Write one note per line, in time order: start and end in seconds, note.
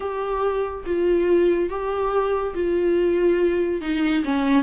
0.00 0.84 G4
0.86 1.69 F4
1.69 2.54 G4
2.54 3.81 F4
3.81 4.23 D#4
4.24 4.63 C#4